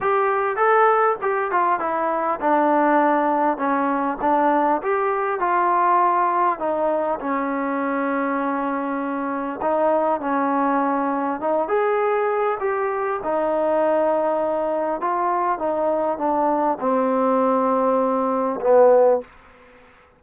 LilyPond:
\new Staff \with { instrumentName = "trombone" } { \time 4/4 \tempo 4 = 100 g'4 a'4 g'8 f'8 e'4 | d'2 cis'4 d'4 | g'4 f'2 dis'4 | cis'1 |
dis'4 cis'2 dis'8 gis'8~ | gis'4 g'4 dis'2~ | dis'4 f'4 dis'4 d'4 | c'2. b4 | }